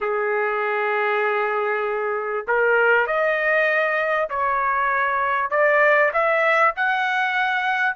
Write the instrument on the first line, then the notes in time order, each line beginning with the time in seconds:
trumpet
0.01 G#4
2.47 A#4
3.06 D#5
4.29 C#5
5.50 D5
6.13 E5
6.75 F#5